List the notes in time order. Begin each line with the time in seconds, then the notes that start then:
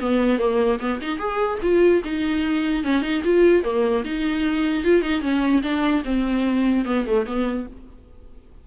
0.00 B3
0.39 A#3
0.79 B3
1.01 D#4
1.18 G#4
1.62 F4
2.04 D#4
2.84 C#4
3.02 D#4
3.24 F4
3.63 A#3
4.05 D#4
4.84 F4
5.02 D#4
5.21 C#4
5.62 D4
6.04 C4
6.85 B3
7.06 A3
7.26 B3